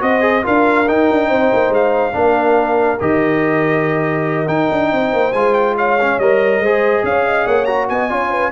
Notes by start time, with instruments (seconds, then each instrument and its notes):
0.00 tuba C4, trombone F#4, horn C5, trumpet D#5
0.21 trombone G#4
0.42 tuba D4, trombone F4, horn A#4, trumpet F5
0.88 trombone D#4, tuba D#4, trumpet G5
1.10 tuba D4
1.27 tuba C4, horn C5
1.53 tuba A#3
1.70 tuba G#3, trumpet F5
2.12 tuba A#3, trombone D4, horn A#4
3.00 tuba D#3, trombone G4, trumpet D#5
4.47 trombone D#4, tuba D#4, trumpet G5
4.71 tuba D4
4.92 tuba C4, horn C5
5.13 tuba A#3
5.33 tuba G#3, trombone F4, trumpet G#5
5.53 trumpet G5
5.77 horn C#5, trumpet F5
6.01 trombone C#4
6.19 tuba G3, trombone A#4, trumpet D#5
6.59 tuba G#3, trombone G#4, horn C5
7.03 tuba C#4, horn C#5, trumpet F5
7.26 horn D#5
7.46 tuba A#3, horn C#5, trumpet F#5
7.65 trombone F#4, trumpet A#5
7.89 tuba B3, horn D#5, trumpet G#5
8.09 tuba C#4, trombone F4, horn C#5
8.30 horn B4